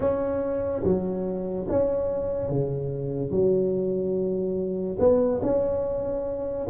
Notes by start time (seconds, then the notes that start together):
0.00 C#4
0.83 F#3
1.68 C#4
2.48 C#3
3.31 F#3
4.99 B3
5.42 C#4